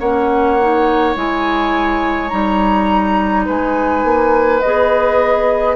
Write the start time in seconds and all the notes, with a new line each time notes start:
0.00 A#3 C#4 C#5 F#5
0.60 D#4
1.16 G#3 E4 G#5
2.29 G3 D#4 A#5
3.46 G#3 B4 G#5
4.04 A#3
4.61 B3 G#4 D#5